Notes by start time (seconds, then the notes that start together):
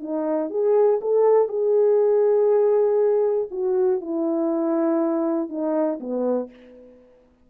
0.00 D#4
0.50 G#4
1.01 A4
1.48 G#4
3.51 F#4
4.00 E4
5.49 D#4
6.00 B3